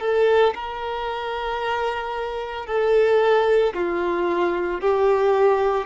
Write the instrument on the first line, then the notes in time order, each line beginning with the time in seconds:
violin
0.00 A4
0.55 A#4
2.66 A4
3.74 F4
4.81 G4